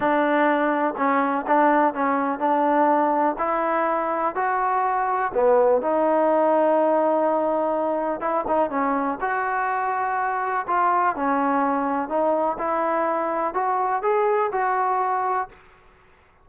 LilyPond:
\new Staff \with { instrumentName = "trombone" } { \time 4/4 \tempo 4 = 124 d'2 cis'4 d'4 | cis'4 d'2 e'4~ | e'4 fis'2 b4 | dis'1~ |
dis'4 e'8 dis'8 cis'4 fis'4~ | fis'2 f'4 cis'4~ | cis'4 dis'4 e'2 | fis'4 gis'4 fis'2 | }